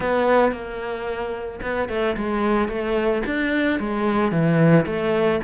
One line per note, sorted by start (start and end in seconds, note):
0.00 0.51 B3
0.51 1.59 A#3
1.62 1.88 B3
1.88 2.15 A3
2.16 2.68 G#3
2.68 3.22 A3
3.26 3.79 D4
3.79 4.31 G#3
4.31 4.85 E3
4.86 5.40 A3